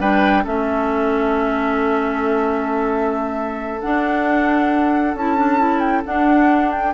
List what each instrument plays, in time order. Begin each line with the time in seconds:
0.00 bassoon G3, clarinet D4, oboe B4, flute G5
0.44 bassoon A3, clarinet C#4, oboe A4, flute E5
3.81 clarinet D4, bassoon D4, flute F#5
5.15 bassoon C#4, clarinet E4, flute A5
5.37 clarinet D4
5.59 clarinet E4
5.80 flute G5
6.05 clarinet D4, bassoon D4, flute F#5
6.72 flute G5